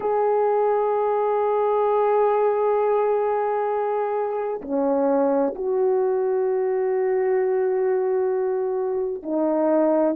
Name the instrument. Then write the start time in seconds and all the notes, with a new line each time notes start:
horn
0.00 G#4
4.62 C#4
5.55 F#4
9.22 D#4